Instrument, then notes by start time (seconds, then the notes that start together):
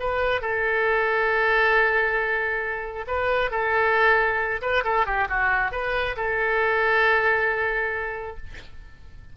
oboe
0.00 B4
0.42 A4
3.07 B4
3.51 A4
4.62 B4
4.84 A4
5.07 G4
5.29 F#4
5.72 B4
6.17 A4